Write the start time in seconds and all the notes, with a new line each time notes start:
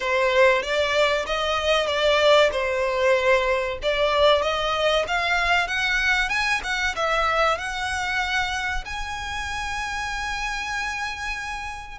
0.00 C5
0.62 D5
1.26 D#5
1.86 D5
2.52 C5
3.82 D5
4.42 D#5
5.07 F5
5.67 F#5
6.29 G#5
6.63 F#5
6.95 E5
7.58 F#5
8.85 G#5